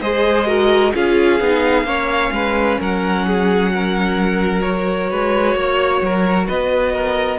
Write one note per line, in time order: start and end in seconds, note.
0.00 0.93 G#3
0.00 0.45 G#4
0.00 0.47 C5
0.00 0.92 D#5
0.45 0.92 F#4
0.45 0.93 A#4
0.94 1.39 C#4
0.94 1.40 F4
0.94 1.86 G#4
0.94 2.79 F5
1.39 1.83 B3
1.39 1.85 D#4
1.83 2.30 A#3
1.83 4.62 C#4
1.83 2.32 C#5
2.31 2.77 G#3
2.31 2.79 B4
2.79 5.11 F#3
2.79 3.25 A#4
2.79 4.61 F#5
3.26 3.72 G#4
3.72 5.10 A#4
4.61 7.39 F#4
4.61 6.45 C#5
5.10 5.54 G#3
5.10 5.56 B4
5.54 6.00 A#3
5.54 6.02 C#5
6.01 6.47 F#3
6.01 6.47 A#4
6.47 7.39 B3
6.47 6.92 B4
6.47 7.39 D#5
6.92 7.39 A#4